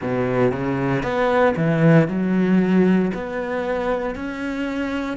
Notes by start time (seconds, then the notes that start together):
0.01 B2
0.51 C#3
1.03 B3
1.56 E3
2.08 F#3
3.14 B3
4.15 C#4